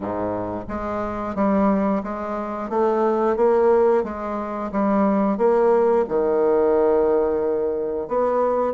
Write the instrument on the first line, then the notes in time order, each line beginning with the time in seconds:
bassoon
0.00 G#2
0.68 G#3
1.35 G3
2.03 G#3
2.69 A3
3.36 A#3
4.03 G#3
4.71 G3
5.37 A#3
6.08 D#3
8.08 B3